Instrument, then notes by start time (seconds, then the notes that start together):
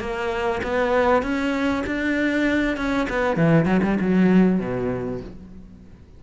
cello
0.00 A#3
0.63 B3
1.22 C#4
1.86 D4
2.77 C#4
3.09 B3
3.36 E3
3.65 F#3
3.83 G3
4.00 F#3
4.60 B2